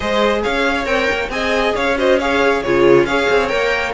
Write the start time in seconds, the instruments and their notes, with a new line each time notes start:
0.00 cello G#3, viola G#4, violin C5 D#5
0.43 cello C#4, violin C#5 F5
0.84 cello C4, viola A#4, violin G5
1.12 cello A#3
1.28 cello C4, viola G#4, violin D#5 G#5
1.75 cello C#4, violin C#5 F5
1.97 viola F#4, violin C5 D#5
2.19 viola G#4, violin C#5 F5
2.62 cello C#3, viola F4, violin G#4 C#5
3.04 cello C#4, viola G#4, violin C#5 F5
3.30 cello C4
3.48 cello A#3, viola A#4, violin G5